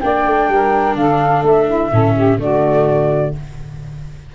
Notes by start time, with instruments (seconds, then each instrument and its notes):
0.00 tuba A#3, viola D4, saxophone D5, flute G5
0.25 tuba A3
0.49 tuba G3, saxophone A#4
0.95 tuba D3, saxophone A4, flute F5
1.42 tuba A3, flute E5
1.67 saxophone E4
1.92 tuba A2, viola C#4, saxophone A4
2.15 saxophone G4
2.38 tuba D3, viola A3, saxophone F#4, flute D5